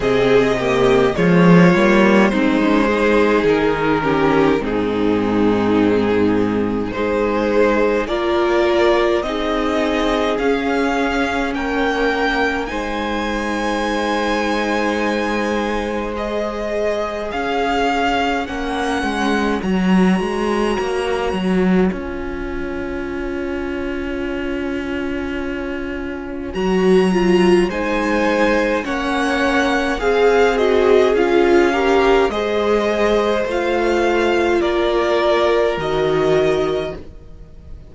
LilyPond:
<<
  \new Staff \with { instrumentName = "violin" } { \time 4/4 \tempo 4 = 52 dis''4 cis''4 c''4 ais'4 | gis'2 c''4 d''4 | dis''4 f''4 g''4 gis''4~ | gis''2 dis''4 f''4 |
fis''4 ais''2 gis''4~ | gis''2. ais''4 | gis''4 fis''4 f''8 dis''8 f''4 | dis''4 f''4 d''4 dis''4 | }
  \new Staff \with { instrumentName = "violin" } { \time 4/4 gis'8 g'8 f'4 dis'8 gis'4 g'8 | dis'2 gis'4 ais'4 | gis'2 ais'4 c''4~ | c''2. cis''4~ |
cis''1~ | cis''1 | c''4 cis''4 gis'4. ais'8 | c''2 ais'2 | }
  \new Staff \with { instrumentName = "viola" } { \time 4/4 c'8 ais8 gis8 ais8 c'16 cis'16 dis'4 cis'8 | c'2 dis'4 f'4 | dis'4 cis'2 dis'4~ | dis'2 gis'2 |
cis'4 fis'2 f'4~ | f'2. fis'8 f'8 | dis'4 cis'4 gis'8 fis'8 f'8 g'8 | gis'4 f'2 fis'4 | }
  \new Staff \with { instrumentName = "cello" } { \time 4/4 c4 f8 g8 gis4 dis4 | gis,2 gis4 ais4 | c'4 cis'4 ais4 gis4~ | gis2. cis'4 |
ais8 gis8 fis8 gis8 ais8 fis8 cis'4~ | cis'2. fis4 | gis4 ais4 c'4 cis'4 | gis4 a4 ais4 dis4 | }
>>